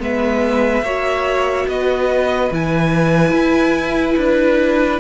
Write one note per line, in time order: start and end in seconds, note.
0.00 0.82 G#3
0.00 0.83 B3
0.00 0.84 B4
0.00 1.69 E5
0.82 1.66 A#3
0.82 2.52 F#4
0.82 1.67 C#5
1.68 2.51 B3
1.68 5.00 B4
1.68 2.52 D#5
2.52 3.32 E3
2.52 5.00 E4
2.52 4.19 G#5
3.32 4.16 E4
4.17 5.00 D4
4.17 5.00 B4